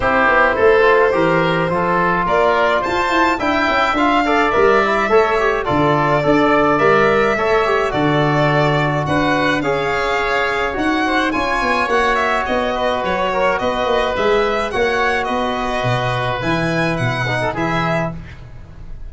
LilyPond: <<
  \new Staff \with { instrumentName = "violin" } { \time 4/4 \tempo 4 = 106 c''1 | d''4 a''4 g''4 f''4 | e''2 d''2 | e''2 d''2 |
fis''4 f''2 fis''4 | gis''4 fis''8 e''8 dis''4 cis''4 | dis''4 e''4 fis''4 dis''4~ | dis''4 gis''4 fis''4 e''4 | }
  \new Staff \with { instrumentName = "oboe" } { \time 4/4 g'4 a'4 ais'4 a'4 | ais'4 c''4 e''4. d''8~ | d''4 cis''4 a'4 d''4~ | d''4 cis''4 a'2 |
b'4 cis''2~ cis''8 c''8 | cis''2~ cis''8 b'4 ais'8 | b'2 cis''4 b'4~ | b'2~ b'8. a'16 gis'4 | }
  \new Staff \with { instrumentName = "trombone" } { \time 4/4 e'4. f'8 g'4 f'4~ | f'2 e'4 f'8 a'8 | ais'8 e'8 a'8 g'8 f'4 a'4 | ais'4 a'8 g'8 fis'2~ |
fis'4 gis'2 fis'4 | f'4 fis'2.~ | fis'4 gis'4 fis'2~ | fis'4 e'4. dis'8 e'4 | }
  \new Staff \with { instrumentName = "tuba" } { \time 4/4 c'8 b8 a4 e4 f4 | ais4 f'8 e'8 d'8 cis'8 d'4 | g4 a4 d4 d'4 | g4 a4 d2 |
d'4 cis'2 dis'4 | cis'8 b8 ais4 b4 fis4 | b8 ais8 gis4 ais4 b4 | b,4 e4 b,4 e4 | }
>>